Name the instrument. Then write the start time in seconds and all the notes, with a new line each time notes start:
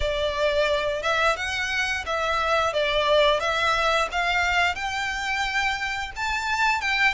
violin
0.00 D5
1.02 E5
1.36 F#5
2.05 E5
2.73 D5
3.40 E5
4.11 F5
4.75 G5
6.15 A5
6.81 G5